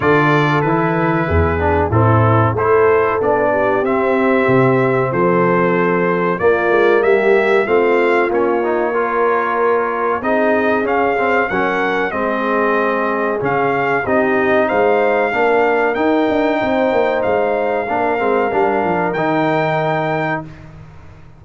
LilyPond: <<
  \new Staff \with { instrumentName = "trumpet" } { \time 4/4 \tempo 4 = 94 d''4 b'2 a'4 | c''4 d''4 e''2 | c''2 d''4 e''4 | f''4 cis''2. |
dis''4 f''4 fis''4 dis''4~ | dis''4 f''4 dis''4 f''4~ | f''4 g''2 f''4~ | f''2 g''2 | }
  \new Staff \with { instrumentName = "horn" } { \time 4/4 a'2 gis'4 e'4 | a'4. g'2~ g'8 | a'2 f'4 g'4 | f'2 ais'2 |
gis'2 ais'4 gis'4~ | gis'2 g'4 c''4 | ais'2 c''2 | ais'1 | }
  \new Staff \with { instrumentName = "trombone" } { \time 4/4 f'4 e'4. d'8 c'4 | e'4 d'4 c'2~ | c'2 ais2 | c'4 cis'8 dis'8 f'2 |
dis'4 cis'8 c'8 cis'4 c'4~ | c'4 cis'4 dis'2 | d'4 dis'2. | d'8 c'8 d'4 dis'2 | }
  \new Staff \with { instrumentName = "tuba" } { \time 4/4 d4 e4 e,4 a,4 | a4 b4 c'4 c4 | f2 ais8 gis8 g4 | a4 ais2. |
c'4 cis'4 fis4 gis4~ | gis4 cis4 c'4 gis4 | ais4 dis'8 d'8 c'8 ais8 gis4 | ais8 gis8 g8 f8 dis2 | }
>>